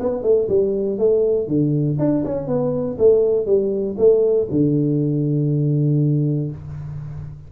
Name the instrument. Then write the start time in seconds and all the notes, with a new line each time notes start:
tuba
0.00 B3
0.23 A3
0.49 G3
0.98 A3
1.47 D3
1.99 D4
2.25 C#4
2.47 B3
2.98 A3
3.46 G3
3.98 A3
4.50 D3